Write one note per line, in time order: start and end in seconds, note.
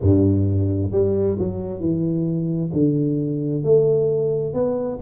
0.01 0.91 G2
0.91 1.36 G3
1.38 1.80 F#3
1.80 2.71 E3
2.72 3.63 D3
3.63 4.53 A3
4.53 4.98 B3